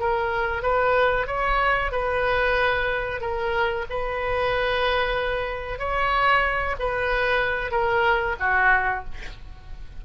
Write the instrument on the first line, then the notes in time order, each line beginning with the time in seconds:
oboe
0.00 A#4
0.63 B4
1.27 C#5
1.92 B4
3.21 A#4
3.90 B4
5.79 C#5
6.80 B4
7.72 A#4
8.40 F#4